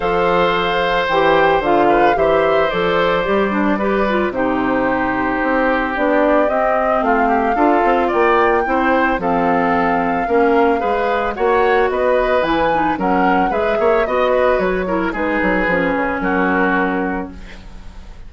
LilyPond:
<<
  \new Staff \with { instrumentName = "flute" } { \time 4/4 \tempo 4 = 111 f''2 g''4 f''4 | e''4 d''2. | c''2. d''4 | dis''4 f''2 g''4~ |
g''4 f''2.~ | f''4 fis''4 dis''4 gis''4 | fis''4 e''4 dis''4 cis''4 | b'2 ais'2 | }
  \new Staff \with { instrumentName = "oboe" } { \time 4/4 c''2.~ c''8 b'8 | c''2. b'4 | g'1~ | g'4 f'8 g'8 a'4 d''4 |
c''4 a'2 ais'4 | b'4 cis''4 b'2 | ais'4 b'8 cis''8 dis''8 b'4 ais'8 | gis'2 fis'2 | }
  \new Staff \with { instrumentName = "clarinet" } { \time 4/4 a'2 g'4 f'4 | g'4 a'4 g'8 d'8 g'8 f'8 | dis'2. d'4 | c'2 f'2 |
e'4 c'2 cis'4 | gis'4 fis'2 e'8 dis'8 | cis'4 gis'4 fis'4. e'8 | dis'4 cis'2. | }
  \new Staff \with { instrumentName = "bassoon" } { \time 4/4 f2 e4 d4 | e4 f4 g2 | c2 c'4 b4 | c'4 a4 d'8 c'8 ais4 |
c'4 f2 ais4 | gis4 ais4 b4 e4 | fis4 gis8 ais8 b4 fis4 | gis8 fis8 f8 cis8 fis2 | }
>>